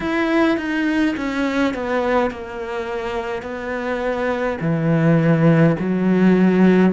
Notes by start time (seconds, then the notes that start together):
0.00 E4
0.57 D#4
1.16 C#4
1.74 B3
2.30 A#3
3.42 B3
4.60 E3
5.78 F#3